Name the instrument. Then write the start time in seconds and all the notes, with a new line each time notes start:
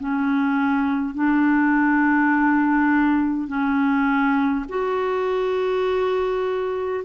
clarinet
0.00 C#4
1.15 D4
3.48 C#4
4.69 F#4